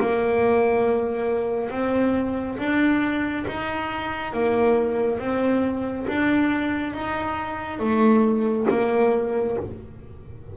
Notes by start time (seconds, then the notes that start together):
0.00 A#3
1.70 C4
2.58 D4
3.48 D#4
4.33 A#3
5.19 C4
6.08 D4
6.93 D#4
7.80 A3
8.70 A#3